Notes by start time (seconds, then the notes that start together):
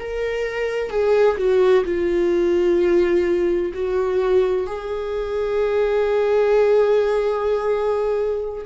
0.00 A#4
0.90 G#4
1.38 F#4
1.85 F4
3.74 F#4
4.67 G#4